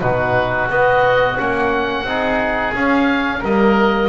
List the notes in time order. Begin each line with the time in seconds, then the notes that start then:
0.00 B2 D#4 F#4 B4
0.69 B3 D#5
1.37 A#3 C#4 F#5
2.04 C4 D#4 G#4
2.73 C#4 F5
3.40 G3 A#3 A#4 D#5